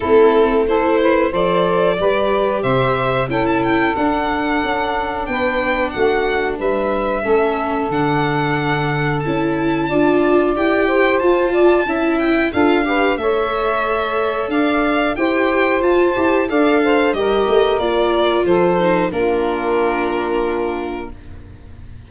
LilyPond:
<<
  \new Staff \with { instrumentName = "violin" } { \time 4/4 \tempo 4 = 91 a'4 c''4 d''2 | e''4 g''16 a''16 g''8 fis''2 | g''4 fis''4 e''2 | fis''2 a''2 |
g''4 a''4. g''8 f''4 | e''2 f''4 g''4 | a''4 f''4 dis''4 d''4 | c''4 ais'2. | }
  \new Staff \with { instrumentName = "saxophone" } { \time 4/4 e'4 a'8 b'8 c''4 b'4 | c''4 a'2. | b'4 fis'4 b'4 a'4~ | a'2. d''4~ |
d''8 c''4 d''8 e''4 a'8 b'8 | cis''2 d''4 c''4~ | c''4 d''8 c''8 ais'2 | a'4 f'2. | }
  \new Staff \with { instrumentName = "viola" } { \time 4/4 c'4 e'4 a'4 g'4~ | g'4 e'4 d'2~ | d'2. cis'4 | d'2 e'4 f'4 |
g'4 f'4 e'4 f'8 g'8 | a'2. g'4 | f'8 g'8 a'4 g'4 f'4~ | f'8 dis'8 d'2. | }
  \new Staff \with { instrumentName = "tuba" } { \time 4/4 a2 f4 g4 | c4 cis'4 d'4 cis'4 | b4 a4 g4 a4 | d2 cis'4 d'4 |
e'4 f'4 cis'4 d'4 | a2 d'4 e'4 | f'8 e'8 d'4 g8 a8 ais4 | f4 ais2. | }
>>